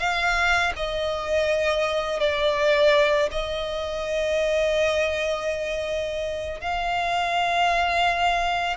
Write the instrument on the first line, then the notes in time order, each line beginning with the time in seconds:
violin
0.00 F5
0.76 D#5
2.20 D5
3.32 D#5
6.61 F5